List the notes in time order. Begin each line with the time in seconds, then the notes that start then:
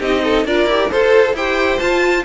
0.00 C4 D#4 G4 D#5
0.24 A4
0.45 D4 F4 A#4 D5
0.65 E4 G4
0.91 F4 A4 C5
1.34 E4 G4 C5 G5
1.79 F4 A5